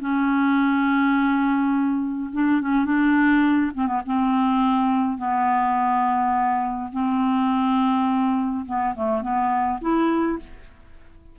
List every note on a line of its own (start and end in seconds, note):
0.00 2.31 C#4
2.33 2.61 D4
2.61 2.85 C#4
2.85 3.72 D4
3.74 3.87 C4
3.87 4.01 B3
4.06 5.18 C4
5.18 6.91 B3
6.93 8.66 C4
8.66 8.95 B3
8.95 9.22 A3
9.22 9.80 B3
9.81 10.39 E4